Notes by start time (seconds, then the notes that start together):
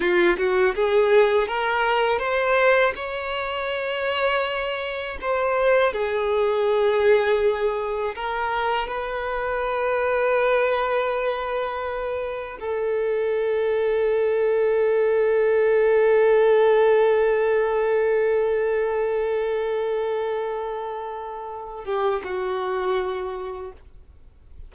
0.00 F4
0.37 F#4
0.75 G#4
1.47 A#4
2.18 C5
2.95 C#5
5.21 C5
5.92 G#4
8.15 A#4
8.87 B4
12.60 A4
21.84 G4
22.24 F#4